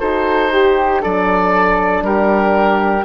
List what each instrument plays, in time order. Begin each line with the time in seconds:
0.00 bassoon D#4, horn F#4, flute A4, oboe C5
0.52 flute G4, horn G4
1.01 bassoon F#3, horn D4, flute A4, oboe D5
2.03 bassoon G3, flute G4, oboe A#4